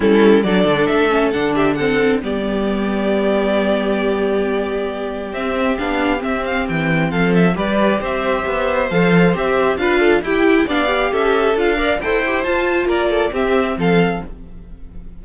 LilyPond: <<
  \new Staff \with { instrumentName = "violin" } { \time 4/4 \tempo 4 = 135 a'4 d''4 e''4 fis''8 e''8 | fis''4 d''2.~ | d''1 | e''4 f''4 e''8 f''8 g''4 |
f''8 e''8 d''4 e''2 | f''4 e''4 f''4 g''4 | f''4 e''4 f''4 g''4 | a''4 d''4 e''4 f''4 | }
  \new Staff \with { instrumentName = "violin" } { \time 4/4 e'4 a'2~ a'8 g'8 | a'4 g'2.~ | g'1~ | g'1 |
a'4 b'4 c''2~ | c''2 b'8 a'8 g'4 | d''4 a'4. d''8 c''4~ | c''4 ais'8 a'8 g'4 a'4 | }
  \new Staff \with { instrumentName = "viola" } { \time 4/4 cis'4 d'4. cis'8 d'4 | c'4 b2.~ | b1 | c'4 d'4 c'2~ |
c'4 g'2. | a'4 g'4 f'4 e'4 | d'8 g'4. f'8 ais'8 a'8 g'8 | f'2 c'2 | }
  \new Staff \with { instrumentName = "cello" } { \time 4/4 g4 fis8 d8 a4 d4~ | d4 g2.~ | g1 | c'4 b4 c'4 e4 |
f4 g4 c'4 b4 | f4 c'4 d'4 e'4 | b4 cis'4 d'4 e'4 | f'4 ais4 c'4 f4 | }
>>